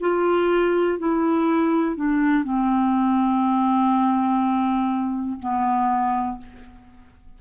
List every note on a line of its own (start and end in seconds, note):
0.00 0.98 F4
0.98 1.95 E4
1.95 2.44 D4
2.44 5.39 C4
5.39 6.38 B3